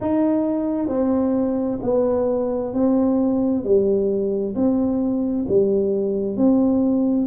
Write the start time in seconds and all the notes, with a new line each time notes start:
0.00 D#4
0.88 C4
1.82 B3
2.73 C4
3.64 G3
4.55 C4
5.48 G3
6.36 C4